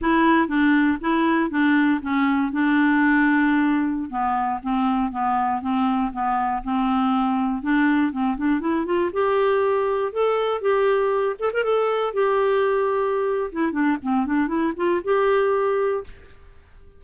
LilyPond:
\new Staff \with { instrumentName = "clarinet" } { \time 4/4 \tempo 4 = 120 e'4 d'4 e'4 d'4 | cis'4 d'2.~ | d'16 b4 c'4 b4 c'8.~ | c'16 b4 c'2 d'8.~ |
d'16 c'8 d'8 e'8 f'8 g'4.~ g'16~ | g'16 a'4 g'4. a'16 ais'16 a'8.~ | a'16 g'2~ g'8. e'8 d'8 | c'8 d'8 e'8 f'8 g'2 | }